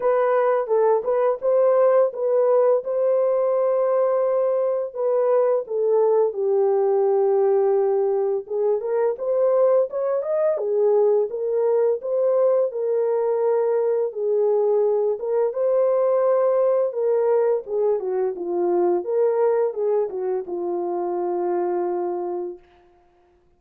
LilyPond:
\new Staff \with { instrumentName = "horn" } { \time 4/4 \tempo 4 = 85 b'4 a'8 b'8 c''4 b'4 | c''2. b'4 | a'4 g'2. | gis'8 ais'8 c''4 cis''8 dis''8 gis'4 |
ais'4 c''4 ais'2 | gis'4. ais'8 c''2 | ais'4 gis'8 fis'8 f'4 ais'4 | gis'8 fis'8 f'2. | }